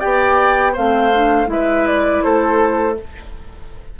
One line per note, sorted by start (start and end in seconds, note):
0.00 0.77 B3
0.00 0.74 G4
0.00 0.73 D5
0.00 0.74 G5
0.73 1.47 A3
0.73 1.12 C4
0.73 1.47 C5
0.73 1.50 F5
1.13 1.46 D4
1.46 2.21 G#3
1.46 2.95 E4
1.46 2.24 B4
1.46 1.87 E5
1.87 2.23 D5
2.23 3.00 A3
2.23 2.98 A4
2.23 2.97 C5